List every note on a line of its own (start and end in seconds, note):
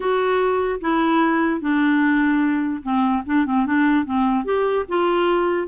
0.00 0.80 F#4
0.80 1.61 E4
1.61 2.82 D4
2.82 3.23 C4
3.26 3.46 D4
3.46 3.66 C4
3.66 4.05 D4
4.05 4.45 C4
4.45 4.85 G4
4.88 5.68 F4